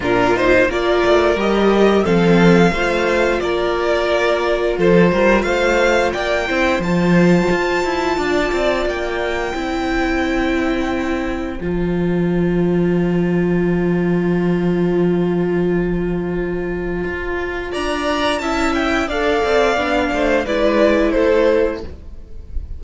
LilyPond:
<<
  \new Staff \with { instrumentName = "violin" } { \time 4/4 \tempo 4 = 88 ais'8 c''8 d''4 dis''4 f''4~ | f''4 d''2 c''4 | f''4 g''4 a''2~ | a''4 g''2.~ |
g''4 a''2.~ | a''1~ | a''2 ais''4 a''8 g''8 | f''2 d''4 c''4 | }
  \new Staff \with { instrumentName = "violin" } { \time 4/4 f'4 ais'2 a'4 | c''4 ais'2 a'8 ais'8 | c''4 d''8 c''2~ c''8 | d''2 c''2~ |
c''1~ | c''1~ | c''2 d''4 e''4 | d''4. c''8 b'4 a'4 | }
  \new Staff \with { instrumentName = "viola" } { \time 4/4 d'8 dis'8 f'4 g'4 c'4 | f'1~ | f'4. e'8 f'2~ | f'2 e'2~ |
e'4 f'2.~ | f'1~ | f'2. e'4 | a'4 d'4 e'2 | }
  \new Staff \with { instrumentName = "cello" } { \time 4/4 ais,4 ais8 a8 g4 f4 | a4 ais2 f8 g8 | a4 ais8 c'8 f4 f'8 e'8 | d'8 c'8 ais4 c'2~ |
c'4 f2.~ | f1~ | f4 f'4 d'4 cis'4 | d'8 c'8 b8 a8 gis4 a4 | }
>>